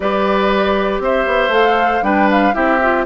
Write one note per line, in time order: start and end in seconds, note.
0.00 0.99 G3
0.00 1.51 G4
0.00 1.02 B4
0.00 1.00 D5
0.99 1.24 C4
0.99 2.04 C5
0.99 1.53 E5
1.26 1.48 B3
1.48 1.99 A3
1.48 2.02 A4
1.48 2.03 F5
2.02 2.52 G3
2.02 2.53 D4
2.02 2.54 B4
2.02 2.29 G5
2.30 2.54 F5
2.53 3.05 C4
2.53 2.78 E4
2.53 3.05 G4
2.53 3.05 E5
2.81 3.05 F4